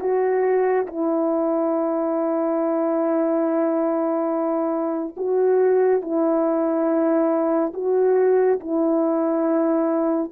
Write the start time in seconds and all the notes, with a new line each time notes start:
0.00 F#4
0.86 E4
5.17 F#4
6.01 E4
7.74 F#4
8.60 E4